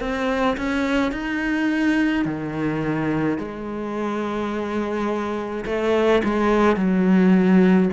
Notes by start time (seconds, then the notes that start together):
0.00 C4
0.57 C#4
1.12 D#4
2.25 D#3
3.39 G#3
5.66 A3
6.24 G#3
6.76 F#3